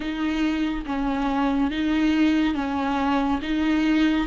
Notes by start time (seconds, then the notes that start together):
0.00 D#4
0.86 C#4
1.71 D#4
2.54 C#4
3.41 D#4